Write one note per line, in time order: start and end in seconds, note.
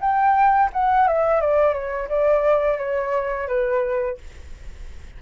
0.00 0.70 G5
0.72 1.07 F#5
1.08 1.40 E5
1.40 1.73 D5
1.73 2.08 C#5
2.08 2.77 D5
2.77 3.47 C#5
3.47 4.17 B4